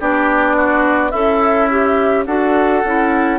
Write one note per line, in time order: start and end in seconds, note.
0.00 1.13 B3
0.00 1.13 D4
0.00 0.57 G4
0.00 1.11 D5
0.57 1.12 F#4
1.11 2.27 C#4
1.11 2.25 E4
1.11 1.69 A4
1.11 2.24 E5
1.71 2.27 G4
2.26 2.83 D4
2.26 2.83 F#4
2.26 3.39 A4
2.26 3.39 F#5
2.84 3.39 C#4
2.84 3.39 E4